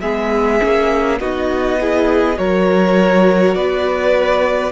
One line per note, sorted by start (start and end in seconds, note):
0.00 0.60 G#3
0.00 0.59 B3
0.00 1.19 G#4
0.00 1.18 E5
0.59 1.20 A#3
0.59 1.18 C#4
1.20 2.38 B3
1.20 1.79 D#4
1.20 1.78 F#4
1.20 2.38 D#5
1.80 2.36 E4
1.80 2.38 G#4
2.36 3.55 F#3
2.36 4.71 F#4
2.36 3.56 A#4
2.36 3.54 C#5
3.54 4.72 B3
3.54 4.72 B4
3.54 4.72 D5